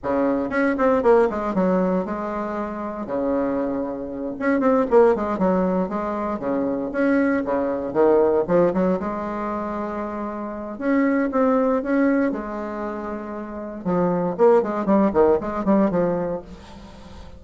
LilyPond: \new Staff \with { instrumentName = "bassoon" } { \time 4/4 \tempo 4 = 117 cis4 cis'8 c'8 ais8 gis8 fis4 | gis2 cis2~ | cis8 cis'8 c'8 ais8 gis8 fis4 gis8~ | gis8 cis4 cis'4 cis4 dis8~ |
dis8 f8 fis8 gis2~ gis8~ | gis4 cis'4 c'4 cis'4 | gis2. f4 | ais8 gis8 g8 dis8 gis8 g8 f4 | }